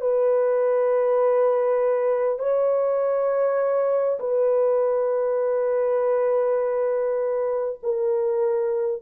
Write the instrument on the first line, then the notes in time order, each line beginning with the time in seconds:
horn
0.00 B4
2.38 C#5
4.19 B4
7.82 A#4